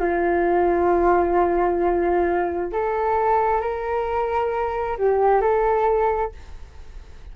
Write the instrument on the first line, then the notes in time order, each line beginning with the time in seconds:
flute
0.00 F4
2.73 A4
3.61 A#4
4.98 G4
5.42 A4